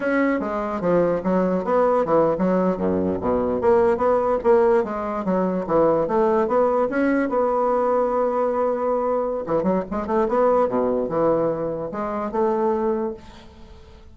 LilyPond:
\new Staff \with { instrumentName = "bassoon" } { \time 4/4 \tempo 4 = 146 cis'4 gis4 f4 fis4 | b4 e8. fis4 fis,4 b,16~ | b,8. ais4 b4 ais4 gis16~ | gis8. fis4 e4 a4 b16~ |
b8. cis'4 b2~ b16~ | b2. e8 fis8 | gis8 a8 b4 b,4 e4~ | e4 gis4 a2 | }